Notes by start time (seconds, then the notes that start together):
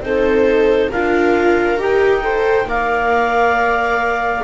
0.00 C4 D#4 A4 C5
0.91 D4 F4 A#4 F5
1.78 D#4 G4 G5
2.22 A4 C5
2.65 A#3 A#4 D5 F5